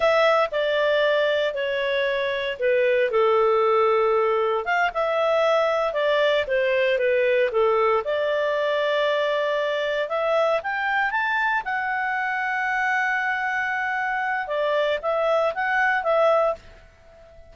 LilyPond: \new Staff \with { instrumentName = "clarinet" } { \time 4/4 \tempo 4 = 116 e''4 d''2 cis''4~ | cis''4 b'4 a'2~ | a'4 f''8 e''2 d''8~ | d''8 c''4 b'4 a'4 d''8~ |
d''2.~ d''8 e''8~ | e''8 g''4 a''4 fis''4.~ | fis''1 | d''4 e''4 fis''4 e''4 | }